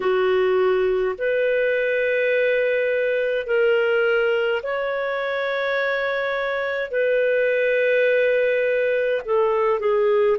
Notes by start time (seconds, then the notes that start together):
0.00 F#4
1.17 B4
3.46 A#4
4.62 C#5
6.90 B4
9.25 A4
9.79 G#4